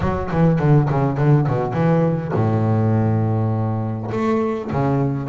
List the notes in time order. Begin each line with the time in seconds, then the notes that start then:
0.00 F#3
0.31 E3
0.59 D3
0.90 C#3
1.17 D3
1.47 B2
1.73 E3
2.34 A2
4.11 A3
4.71 C#3